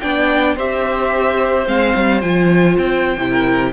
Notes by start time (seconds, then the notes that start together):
0.00 B3 D4 D5 G5
0.55 C4 G4 C5 E5
1.65 G#3 C4 F5
1.95 G3
2.21 F3 F4 G#5
2.77 C4 G5
3.17 C3 E4
3.30 A#4